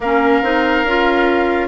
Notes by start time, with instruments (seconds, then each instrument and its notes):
0.00 bassoon A#3, clarinet C#4, oboe A#4, flute F5
0.42 bassoon C4, clarinet D#4
0.84 bassoon C#4, clarinet F4